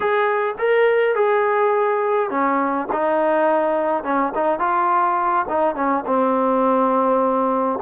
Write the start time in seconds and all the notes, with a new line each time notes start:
0.00 G#4
0.58 A#4
1.15 G#4
2.29 C#4
2.92 D#4
4.03 C#4
4.35 D#4
4.59 F4
5.49 D#4
5.75 C#4
6.06 C4